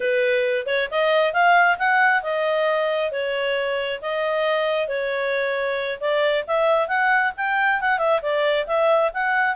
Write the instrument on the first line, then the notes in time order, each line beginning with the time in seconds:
clarinet
0.00 B4
0.66 C#5
0.90 D#5
1.33 F5
1.78 F#5
2.22 D#5
3.11 C#5
4.01 D#5
4.88 C#5
6.00 D5
6.47 E5
6.88 F#5
7.37 G5
7.80 F#5
7.98 E5
8.21 D5
8.67 E5
9.13 F#5